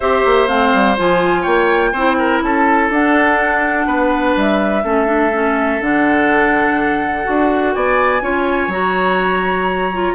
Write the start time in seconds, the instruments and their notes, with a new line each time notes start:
0.00 bassoon C4, clarinet G4, oboe C5, flute E5
0.25 bassoon A#3
0.47 bassoon A3, clarinet C4, flute F5
0.73 bassoon G3
0.96 bassoon F3, clarinet F4, flute G#5
1.41 bassoon A#3, oboe C#5, flute G5
1.92 bassoon C4, clarinet E4, oboe C5
2.18 oboe A#4
2.42 bassoon C#4, oboe A4, flute A5
2.89 bassoon D4, clarinet D4, flute F#5
3.86 bassoon B3, oboe B4
4.36 bassoon G3, flute E5
4.83 bassoon A3, clarinet C#4, oboe A4
5.06 clarinet D4
5.32 clarinet C#4
5.81 bassoon D3, clarinet D4, flute F#5
7.23 bassoon D4, clarinet F#4
7.73 bassoon B3, oboe D5, flute G#5
8.21 bassoon C#4, clarinet F4, oboe C#5
8.67 bassoon F#3, clarinet F#4, flute A#5
9.92 clarinet F4